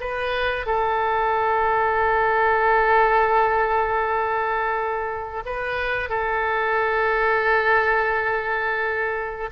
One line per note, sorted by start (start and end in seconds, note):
0.00 0.66 B4
0.66 5.43 A4
5.45 6.09 B4
6.09 9.50 A4